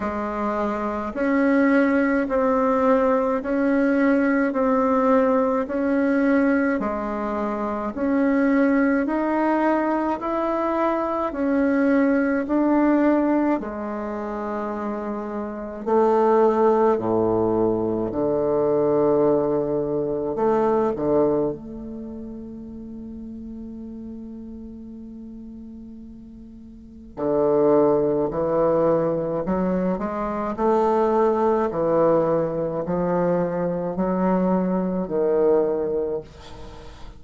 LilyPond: \new Staff \with { instrumentName = "bassoon" } { \time 4/4 \tempo 4 = 53 gis4 cis'4 c'4 cis'4 | c'4 cis'4 gis4 cis'4 | dis'4 e'4 cis'4 d'4 | gis2 a4 a,4 |
d2 a8 d8 a4~ | a1 | d4 e4 fis8 gis8 a4 | e4 f4 fis4 dis4 | }